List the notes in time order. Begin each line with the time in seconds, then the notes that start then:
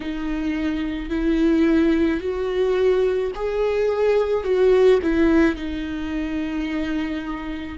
0.00 D#4
1.09 E4
2.20 F#4
3.35 G#4
4.44 F#4
5.02 E4
5.56 D#4